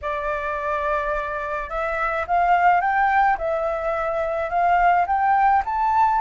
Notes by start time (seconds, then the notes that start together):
0.01 D5
1.69 E5
2.27 F5
2.80 G5
3.37 E5
4.49 F5
5.06 G5
5.65 A5